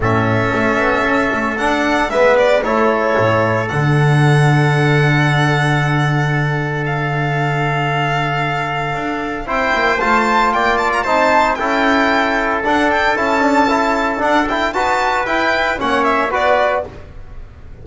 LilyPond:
<<
  \new Staff \with { instrumentName = "violin" } { \time 4/4 \tempo 4 = 114 e''2. fis''4 | e''8 d''8 cis''2 fis''4~ | fis''1~ | fis''4 f''2.~ |
f''2 g''4 a''4 | g''8 a''16 ais''16 a''4 g''2 | fis''8 g''8 a''2 fis''8 g''8 | a''4 g''4 fis''8 e''8 d''4 | }
  \new Staff \with { instrumentName = "trumpet" } { \time 4/4 a'1 | b'4 a'2.~ | a'1~ | a'1~ |
a'2 c''2 | d''4 c''4 a'2~ | a'1 | b'2 cis''4 b'4 | }
  \new Staff \with { instrumentName = "trombone" } { \time 4/4 cis'2. d'4 | b4 e'2 d'4~ | d'1~ | d'1~ |
d'2 e'4 f'4~ | f'4 dis'4 e'2 | d'4 e'8 d'8 e'4 d'8 e'8 | fis'4 e'4 cis'4 fis'4 | }
  \new Staff \with { instrumentName = "double bass" } { \time 4/4 a,4 a8 b8 cis'8 a8 d'4 | gis4 a4 a,4 d4~ | d1~ | d1~ |
d4 d'4 c'8 ais8 a4 | ais4 c'4 cis'2 | d'4 cis'2 d'4 | dis'4 e'4 ais4 b4 | }
>>